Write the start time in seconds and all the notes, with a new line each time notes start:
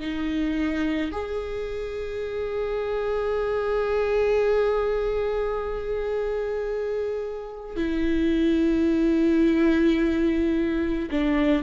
0.00 D#4
1.12 G#4
7.76 E4
11.11 D4